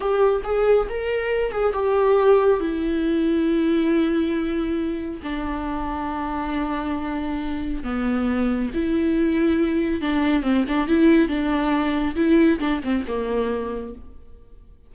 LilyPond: \new Staff \with { instrumentName = "viola" } { \time 4/4 \tempo 4 = 138 g'4 gis'4 ais'4. gis'8 | g'2 e'2~ | e'1 | d'1~ |
d'2 b2 | e'2. d'4 | c'8 d'8 e'4 d'2 | e'4 d'8 c'8 ais2 | }